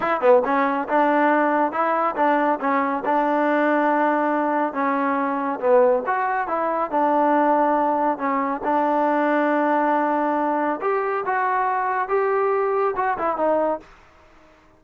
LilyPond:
\new Staff \with { instrumentName = "trombone" } { \time 4/4 \tempo 4 = 139 e'8 b8 cis'4 d'2 | e'4 d'4 cis'4 d'4~ | d'2. cis'4~ | cis'4 b4 fis'4 e'4 |
d'2. cis'4 | d'1~ | d'4 g'4 fis'2 | g'2 fis'8 e'8 dis'4 | }